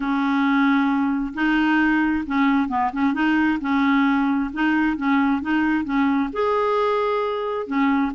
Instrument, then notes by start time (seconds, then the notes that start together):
clarinet
0.00 C#4
1.34 D#4
2.26 C#4
2.68 B3
2.93 C#4
3.13 D#4
3.60 C#4
4.53 D#4
4.96 C#4
5.41 D#4
5.84 C#4
6.33 G#4
7.67 C#4